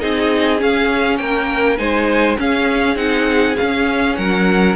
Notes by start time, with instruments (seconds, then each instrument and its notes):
0.00 cello C4, viola D#4, violin G#4 D#5
0.58 viola C#4, cello C#4, violin F5
1.17 cello A#3, violin A#4 G5
1.77 cello G#3, viola D#4, violin C5 G#5
2.37 viola C#4, cello C#4, violin G#4 F5
2.95 cello C4, viola D#4, violin F#5
3.57 viola C#4, cello C#4, violin F5
4.16 cello F#3, violin A#4 F#5